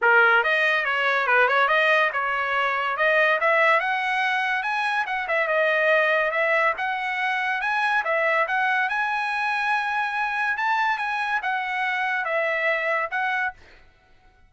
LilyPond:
\new Staff \with { instrumentName = "trumpet" } { \time 4/4 \tempo 4 = 142 ais'4 dis''4 cis''4 b'8 cis''8 | dis''4 cis''2 dis''4 | e''4 fis''2 gis''4 | fis''8 e''8 dis''2 e''4 |
fis''2 gis''4 e''4 | fis''4 gis''2.~ | gis''4 a''4 gis''4 fis''4~ | fis''4 e''2 fis''4 | }